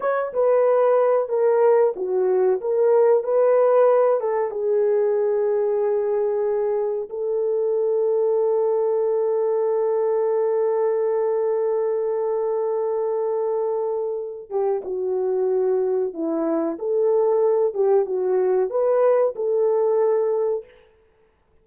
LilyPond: \new Staff \with { instrumentName = "horn" } { \time 4/4 \tempo 4 = 93 cis''8 b'4. ais'4 fis'4 | ais'4 b'4. a'8 gis'4~ | gis'2. a'4~ | a'1~ |
a'1~ | a'2~ a'8 g'8 fis'4~ | fis'4 e'4 a'4. g'8 | fis'4 b'4 a'2 | }